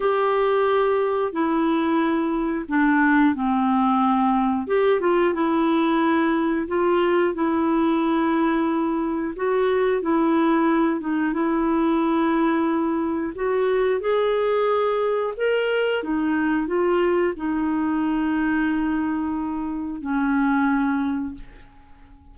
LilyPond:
\new Staff \with { instrumentName = "clarinet" } { \time 4/4 \tempo 4 = 90 g'2 e'2 | d'4 c'2 g'8 f'8 | e'2 f'4 e'4~ | e'2 fis'4 e'4~ |
e'8 dis'8 e'2. | fis'4 gis'2 ais'4 | dis'4 f'4 dis'2~ | dis'2 cis'2 | }